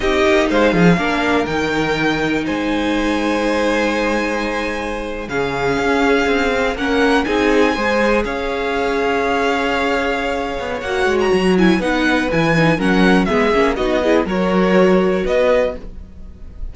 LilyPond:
<<
  \new Staff \with { instrumentName = "violin" } { \time 4/4 \tempo 4 = 122 dis''4 f''2 g''4~ | g''4 gis''2.~ | gis''2~ gis''8. f''4~ f''16~ | f''4.~ f''16 fis''4 gis''4~ gis''16~ |
gis''8. f''2.~ f''16~ | f''2 fis''8. ais''8. gis''8 | fis''4 gis''4 fis''4 e''4 | dis''4 cis''2 dis''4 | }
  \new Staff \with { instrumentName = "violin" } { \time 4/4 g'4 c''8 gis'8 ais'2~ | ais'4 c''2.~ | c''2~ c''8. gis'4~ gis'16~ | gis'4.~ gis'16 ais'4 gis'4 c''16~ |
c''8. cis''2.~ cis''16~ | cis''1 | b'2 ais'4 gis'4 | fis'8 gis'8 ais'2 b'4 | }
  \new Staff \with { instrumentName = "viola" } { \time 4/4 dis'2 d'4 dis'4~ | dis'1~ | dis'2~ dis'8. cis'4~ cis'16~ | cis'4~ cis'16 c'8 cis'4 dis'4 gis'16~ |
gis'1~ | gis'2 fis'4. e'8 | dis'4 e'8 dis'8 cis'4 b8 cis'8 | dis'8 e'8 fis'2. | }
  \new Staff \with { instrumentName = "cello" } { \time 4/4 c'8 ais8 gis8 f8 ais4 dis4~ | dis4 gis2.~ | gis2~ gis8. cis4 cis'16~ | cis'8. c'4 ais4 c'4 gis16~ |
gis8. cis'2.~ cis'16~ | cis'4. b8 ais8 gis8 fis4 | b4 e4 fis4 gis8 ais8 | b4 fis2 b4 | }
>>